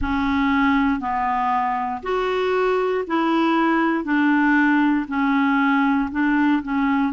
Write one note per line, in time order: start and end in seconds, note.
0.00 0.99 C#4
0.99 2.01 B3
2.02 3.04 F#4
3.07 4.04 E4
4.04 5.06 D4
5.08 6.09 C#4
6.11 6.62 D4
6.62 7.13 C#4